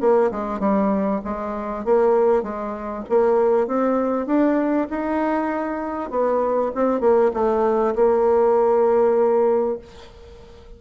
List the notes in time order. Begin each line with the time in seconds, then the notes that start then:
0.00 A#3
0.31 G#3
0.59 G3
1.24 G#3
1.85 A#3
2.43 G#3
3.09 A#3
3.67 C4
4.26 D4
4.90 D#4
6.10 B3
6.75 C4
7.00 A#3
7.33 A3
7.95 A#3